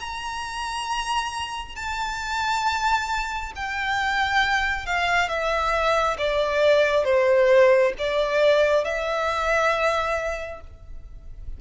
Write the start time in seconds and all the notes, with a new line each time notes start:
0.00 A#5
1.76 A5
3.56 G5
4.86 F5
5.29 E5
6.18 D5
7.05 C5
7.99 D5
8.84 E5